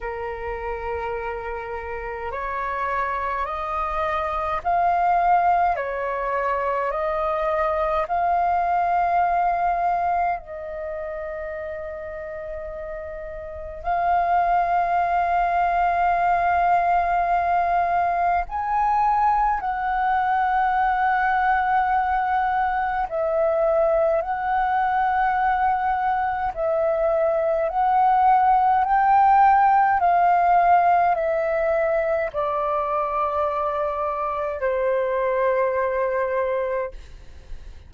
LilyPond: \new Staff \with { instrumentName = "flute" } { \time 4/4 \tempo 4 = 52 ais'2 cis''4 dis''4 | f''4 cis''4 dis''4 f''4~ | f''4 dis''2. | f''1 |
gis''4 fis''2. | e''4 fis''2 e''4 | fis''4 g''4 f''4 e''4 | d''2 c''2 | }